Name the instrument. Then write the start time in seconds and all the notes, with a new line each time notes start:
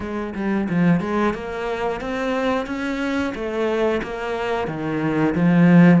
cello
0.00 G#3
0.34 G3
0.68 F3
1.00 G#3
1.34 A#3
2.00 C4
2.66 C#4
3.34 A3
4.02 A#3
4.67 D#3
5.35 F3